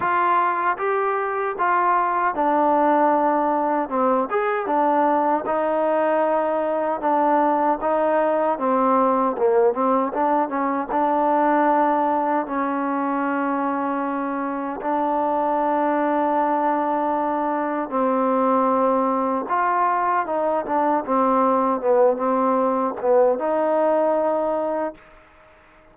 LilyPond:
\new Staff \with { instrumentName = "trombone" } { \time 4/4 \tempo 4 = 77 f'4 g'4 f'4 d'4~ | d'4 c'8 gis'8 d'4 dis'4~ | dis'4 d'4 dis'4 c'4 | ais8 c'8 d'8 cis'8 d'2 |
cis'2. d'4~ | d'2. c'4~ | c'4 f'4 dis'8 d'8 c'4 | b8 c'4 b8 dis'2 | }